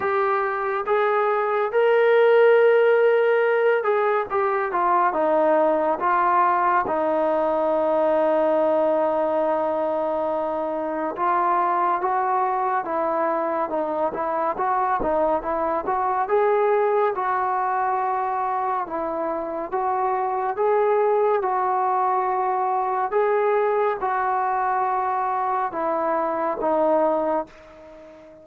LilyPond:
\new Staff \with { instrumentName = "trombone" } { \time 4/4 \tempo 4 = 70 g'4 gis'4 ais'2~ | ais'8 gis'8 g'8 f'8 dis'4 f'4 | dis'1~ | dis'4 f'4 fis'4 e'4 |
dis'8 e'8 fis'8 dis'8 e'8 fis'8 gis'4 | fis'2 e'4 fis'4 | gis'4 fis'2 gis'4 | fis'2 e'4 dis'4 | }